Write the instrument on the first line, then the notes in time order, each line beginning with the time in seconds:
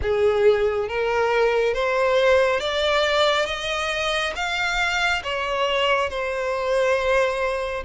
violin
0.02 G#4
0.88 A#4
1.74 C5
2.60 D5
3.46 D#5
4.35 F5
5.23 C#5
6.09 C5